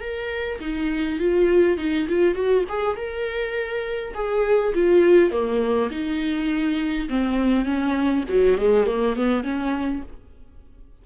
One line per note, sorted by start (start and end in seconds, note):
0.00 0.59 A#4
0.60 1.19 D#4
1.19 1.77 F4
1.77 2.07 D#4
2.08 2.35 F4
2.35 2.64 F#4
2.68 2.96 G#4
2.96 4.14 A#4
4.14 4.73 G#4
4.74 5.31 F4
5.31 5.90 A#3
5.90 7.08 D#4
7.09 7.65 C4
7.65 8.24 C#4
8.29 8.57 F#3
8.57 8.86 G#3
8.86 9.16 A#3
9.16 9.43 B3
9.43 10.02 C#4